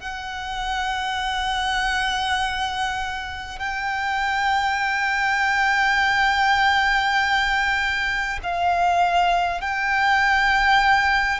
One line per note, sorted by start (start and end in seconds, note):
0.00 3.59 F#5
3.59 8.39 G5
8.43 9.62 F5
9.62 11.40 G5